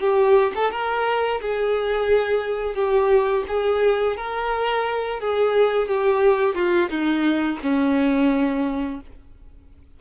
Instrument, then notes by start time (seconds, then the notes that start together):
violin
0.00 G4
0.55 A4
0.71 A#4
1.41 G#4
2.75 G4
3.48 G#4
4.17 A#4
5.20 G#4
5.88 G4
6.55 F4
6.89 D#4
7.62 C#4